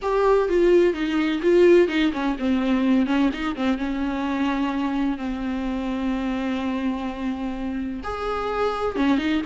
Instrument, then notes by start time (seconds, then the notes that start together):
viola
0.02 G4
0.49 F4
0.93 D#4
1.42 F4
1.88 D#4
2.12 C#4
2.39 C4
3.06 C#4
3.33 D#4
3.55 C4
3.78 C#4
5.17 C4
8.03 G#4
8.96 C#4
9.18 D#4